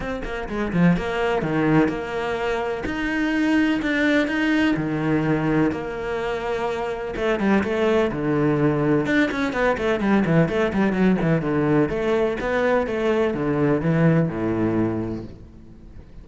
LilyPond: \new Staff \with { instrumentName = "cello" } { \time 4/4 \tempo 4 = 126 c'8 ais8 gis8 f8 ais4 dis4 | ais2 dis'2 | d'4 dis'4 dis2 | ais2. a8 g8 |
a4 d2 d'8 cis'8 | b8 a8 g8 e8 a8 g8 fis8 e8 | d4 a4 b4 a4 | d4 e4 a,2 | }